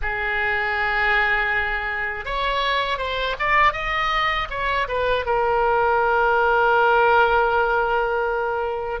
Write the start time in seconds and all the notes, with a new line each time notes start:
0.02 G#4
2.25 C#5
2.98 C5
3.39 D5
3.73 D#5
4.50 C#5
4.88 B4
5.25 A#4